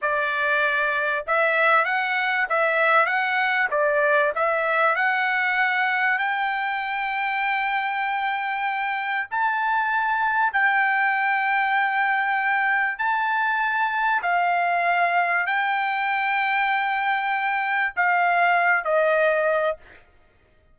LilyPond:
\new Staff \with { instrumentName = "trumpet" } { \time 4/4 \tempo 4 = 97 d''2 e''4 fis''4 | e''4 fis''4 d''4 e''4 | fis''2 g''2~ | g''2. a''4~ |
a''4 g''2.~ | g''4 a''2 f''4~ | f''4 g''2.~ | g''4 f''4. dis''4. | }